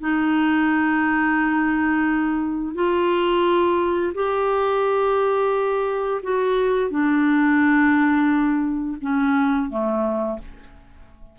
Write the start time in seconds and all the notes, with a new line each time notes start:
0.00 D#4
2.75 F4
4.14 G4
6.23 F#4
6.90 D4
9.01 C#4
9.70 A3